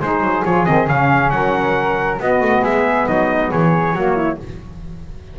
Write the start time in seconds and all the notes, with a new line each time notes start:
0.00 G#3 D#4 G#4 C5
0.21 F#3
0.45 F3 F4 C#5
0.66 D#3 C4 D#5
0.88 C#3 C#4 F5
1.30 F#3 A#4 F#5
2.19 B3 F#4 D#5
2.41 A3
2.62 G#3 G#4 E5
3.08 F#3 D#4 D#5
3.51 E3 G#4 C#5
3.94 F#3 A#3 F#4
4.16 E4